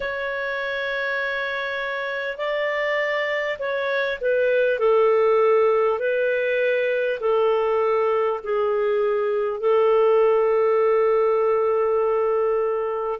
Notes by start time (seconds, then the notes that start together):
0.00 C#5
2.37 D5
3.58 C#5
4.21 B4
4.79 A4
5.99 B4
7.19 A4
8.43 G#4
9.60 A4